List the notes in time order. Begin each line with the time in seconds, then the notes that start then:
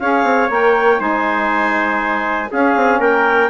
0.00 C#4 G#4 C#5 F5
0.24 C4
0.49 A#3 A#4 G5
0.97 G#3 D#4 C5 G#5
2.51 C#4 G#4 F5
2.76 C4
3.00 A#3 A#4 G5